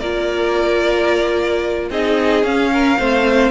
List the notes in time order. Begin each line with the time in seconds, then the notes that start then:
0.00 A#3 F4 A#4 D5
1.91 C4 D#4 G#4 D#5
2.43 C#4 F5
2.73 A#4
2.99 A3 C4 C5